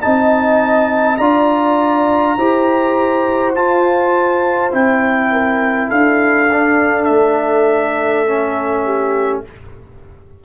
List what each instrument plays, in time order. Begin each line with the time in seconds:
0.00 tuba C4, trombone D#4, horn D#5, trumpet A5
1.17 tuba D4, trombone F4, horn D5, trumpet A#5
2.37 tuba E4, trombone G4, horn C5
3.55 tuba F4, trombone F4, trumpet A5
4.71 tuba C4, trombone E4, trumpet G5
5.31 horn A#4
5.88 tuba D4, horn A4, trumpet F5
6.52 trombone D4
7.04 tuba A3, trumpet E5
8.27 trombone C#4
8.84 horn G4